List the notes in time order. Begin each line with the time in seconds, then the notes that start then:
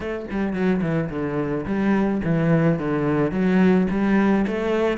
0.00 A3
0.30 G3
0.53 F#3
0.81 E3
1.09 D3
1.65 G3
2.24 E3
2.79 D3
3.31 F#3
3.90 G3
4.47 A3